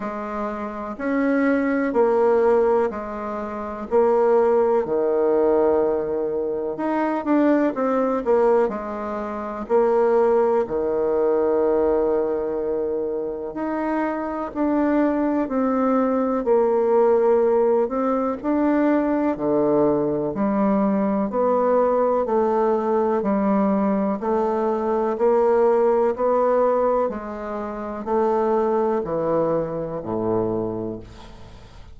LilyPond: \new Staff \with { instrumentName = "bassoon" } { \time 4/4 \tempo 4 = 62 gis4 cis'4 ais4 gis4 | ais4 dis2 dis'8 d'8 | c'8 ais8 gis4 ais4 dis4~ | dis2 dis'4 d'4 |
c'4 ais4. c'8 d'4 | d4 g4 b4 a4 | g4 a4 ais4 b4 | gis4 a4 e4 a,4 | }